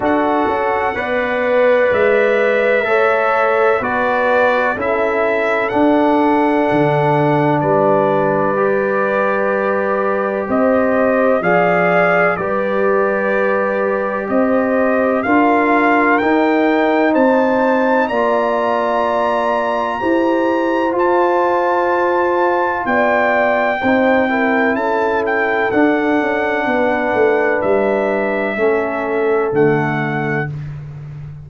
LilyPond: <<
  \new Staff \with { instrumentName = "trumpet" } { \time 4/4 \tempo 4 = 63 fis''2 e''2 | d''4 e''4 fis''2 | d''2. dis''4 | f''4 d''2 dis''4 |
f''4 g''4 a''4 ais''4~ | ais''2 a''2 | g''2 a''8 g''8 fis''4~ | fis''4 e''2 fis''4 | }
  \new Staff \with { instrumentName = "horn" } { \time 4/4 a'4 d''2 cis''4 | b'4 a'2. | b'2. c''4 | d''4 b'2 c''4 |
ais'2 c''4 d''4~ | d''4 c''2. | d''4 c''8 ais'8 a'2 | b'2 a'2 | }
  \new Staff \with { instrumentName = "trombone" } { \time 4/4 fis'4 b'2 a'4 | fis'4 e'4 d'2~ | d'4 g'2. | gis'4 g'2. |
f'4 dis'2 f'4~ | f'4 g'4 f'2~ | f'4 dis'8 e'4. d'4~ | d'2 cis'4 a4 | }
  \new Staff \with { instrumentName = "tuba" } { \time 4/4 d'8 cis'8 b4 gis4 a4 | b4 cis'4 d'4 d4 | g2. c'4 | f4 g2 c'4 |
d'4 dis'4 c'4 ais4~ | ais4 e'4 f'2 | b4 c'4 cis'4 d'8 cis'8 | b8 a8 g4 a4 d4 | }
>>